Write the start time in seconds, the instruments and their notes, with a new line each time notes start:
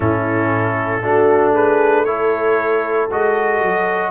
0.00 tuba A2, trombone C#4, horn E4, trumpet A4
1.02 tuba A3, trombone D4, horn F#4
1.53 horn G#4, trumpet B4
2.04 trombone E4, horn A4, trumpet C#5
3.11 tuba G#3, trombone F#4, trumpet D#5
3.61 tuba F#3